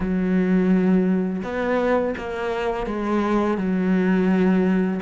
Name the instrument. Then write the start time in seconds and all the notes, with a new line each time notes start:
cello
0.00 F#3
1.43 B3
2.17 A#3
2.86 G#3
3.57 F#3